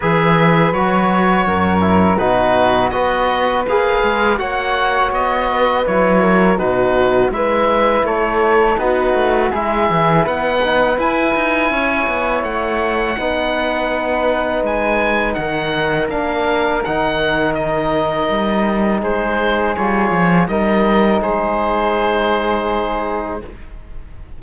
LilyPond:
<<
  \new Staff \with { instrumentName = "oboe" } { \time 4/4 \tempo 4 = 82 e''4 cis''2 b'4 | dis''4 f''4 fis''4 dis''4 | cis''4 b'4 e''4 cis''4 | b'4 e''4 fis''4 gis''4~ |
gis''4 fis''2. | gis''4 fis''4 f''4 fis''4 | dis''2 c''4 cis''4 | dis''4 c''2. | }
  \new Staff \with { instrumentName = "flute" } { \time 4/4 b'2 ais'4 fis'4 | b'2 cis''4. b'8~ | b'8 ais'8 fis'4 b'4 a'4 | fis'4 gis'4 b'2 |
cis''2 b'2~ | b'4 ais'2.~ | ais'2 gis'2 | ais'4 gis'2. | }
  \new Staff \with { instrumentName = "trombone" } { \time 4/4 gis'4 fis'4. e'8 dis'4 | fis'4 gis'4 fis'2 | e'4 dis'4 e'2 | dis'4 e'4. dis'8 e'4~ |
e'2 dis'2~ | dis'2 d'4 dis'4~ | dis'2. f'4 | dis'1 | }
  \new Staff \with { instrumentName = "cello" } { \time 4/4 e4 fis4 fis,4 b,4 | b4 ais8 gis8 ais4 b4 | fis4 b,4 gis4 a4 | b8 a8 gis8 e8 b4 e'8 dis'8 |
cis'8 b8 a4 b2 | gis4 dis4 ais4 dis4~ | dis4 g4 gis4 g8 f8 | g4 gis2. | }
>>